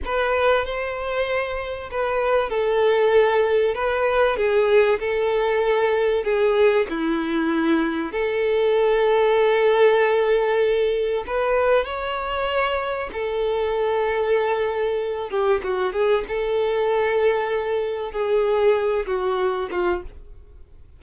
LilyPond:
\new Staff \with { instrumentName = "violin" } { \time 4/4 \tempo 4 = 96 b'4 c''2 b'4 | a'2 b'4 gis'4 | a'2 gis'4 e'4~ | e'4 a'2.~ |
a'2 b'4 cis''4~ | cis''4 a'2.~ | a'8 g'8 fis'8 gis'8 a'2~ | a'4 gis'4. fis'4 f'8 | }